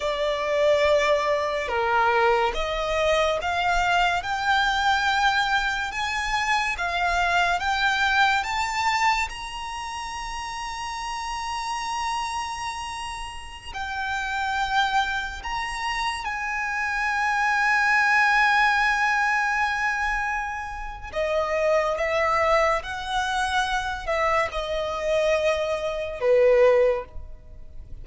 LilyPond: \new Staff \with { instrumentName = "violin" } { \time 4/4 \tempo 4 = 71 d''2 ais'4 dis''4 | f''4 g''2 gis''4 | f''4 g''4 a''4 ais''4~ | ais''1~ |
ais''16 g''2 ais''4 gis''8.~ | gis''1~ | gis''4 dis''4 e''4 fis''4~ | fis''8 e''8 dis''2 b'4 | }